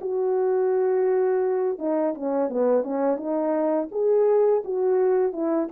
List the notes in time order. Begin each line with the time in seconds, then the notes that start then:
0.00 F#4
1.78 D#4
2.14 C#4
2.49 B3
2.83 C#4
3.17 D#4
3.91 G#4
4.64 F#4
5.32 E4